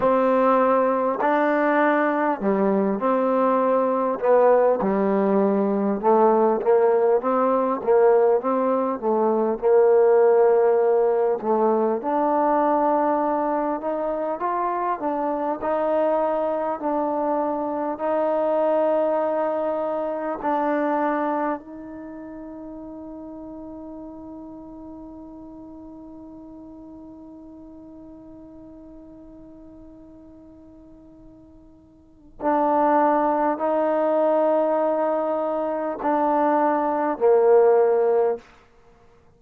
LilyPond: \new Staff \with { instrumentName = "trombone" } { \time 4/4 \tempo 4 = 50 c'4 d'4 g8 c'4 b8 | g4 a8 ais8 c'8 ais8 c'8 a8 | ais4. a8 d'4. dis'8 | f'8 d'8 dis'4 d'4 dis'4~ |
dis'4 d'4 dis'2~ | dis'1~ | dis'2. d'4 | dis'2 d'4 ais4 | }